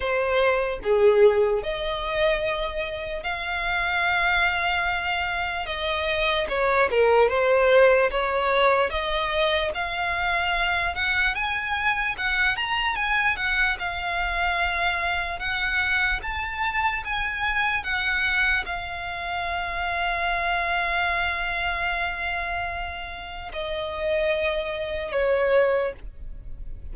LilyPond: \new Staff \with { instrumentName = "violin" } { \time 4/4 \tempo 4 = 74 c''4 gis'4 dis''2 | f''2. dis''4 | cis''8 ais'8 c''4 cis''4 dis''4 | f''4. fis''8 gis''4 fis''8 ais''8 |
gis''8 fis''8 f''2 fis''4 | a''4 gis''4 fis''4 f''4~ | f''1~ | f''4 dis''2 cis''4 | }